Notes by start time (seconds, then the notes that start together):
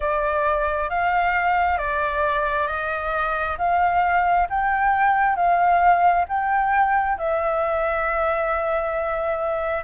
0.00 D5
0.90 F5
1.77 D5
2.67 D#5
3.58 F5
4.49 G5
5.35 F5
6.28 G5
7.18 E5